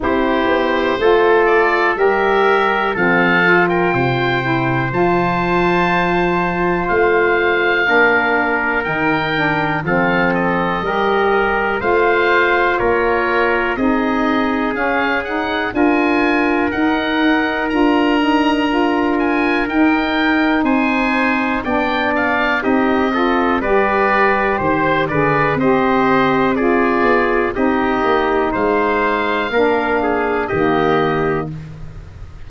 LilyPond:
<<
  \new Staff \with { instrumentName = "oboe" } { \time 4/4 \tempo 4 = 61 c''4. d''8 e''4 f''8. g''16~ | g''4 a''2 f''4~ | f''4 g''4 f''8 dis''4. | f''4 cis''4 dis''4 f''8 fis''8 |
gis''4 fis''4 ais''4. gis''8 | g''4 gis''4 g''8 f''8 dis''4 | d''4 c''8 d''8 dis''4 d''4 | dis''4 f''2 dis''4 | }
  \new Staff \with { instrumentName = "trumpet" } { \time 4/4 g'4 a'4 ais'4 a'8. ais'16 | c''1 | ais'2 a'4 ais'4 | c''4 ais'4 gis'2 |
ais'1~ | ais'4 c''4 d''4 g'8 a'8 | b'4 c''8 b'8 c''4 gis'4 | g'4 c''4 ais'8 gis'8 g'4 | }
  \new Staff \with { instrumentName = "saxophone" } { \time 4/4 e'4 f'4 g'4 c'8 f'8~ | f'8 e'8 f'2. | d'4 dis'8 d'8 c'4 g'4 | f'2 dis'4 cis'8 dis'8 |
f'4 dis'4 f'8 dis'8 f'4 | dis'2 d'4 dis'8 f'8 | g'4. gis'8 g'4 f'4 | dis'2 d'4 ais4 | }
  \new Staff \with { instrumentName = "tuba" } { \time 4/4 c'8 b8 a4 g4 f4 | c4 f2 a4 | ais4 dis4 f4 g4 | a4 ais4 c'4 cis'4 |
d'4 dis'4 d'2 | dis'4 c'4 b4 c'4 | g4 dis8 d8 c'4. b8 | c'8 ais8 gis4 ais4 dis4 | }
>>